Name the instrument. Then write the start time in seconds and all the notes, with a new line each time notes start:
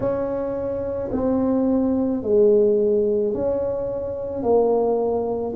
tuba
0.00 C#4
1.12 C4
2.22 G#3
3.33 C#4
4.42 A#3